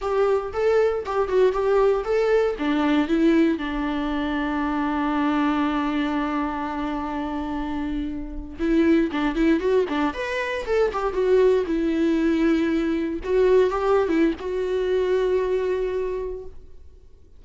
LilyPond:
\new Staff \with { instrumentName = "viola" } { \time 4/4 \tempo 4 = 117 g'4 a'4 g'8 fis'8 g'4 | a'4 d'4 e'4 d'4~ | d'1~ | d'1~ |
d'8. e'4 d'8 e'8 fis'8 d'8 b'16~ | b'8. a'8 g'8 fis'4 e'4~ e'16~ | e'4.~ e'16 fis'4 g'8. e'8 | fis'1 | }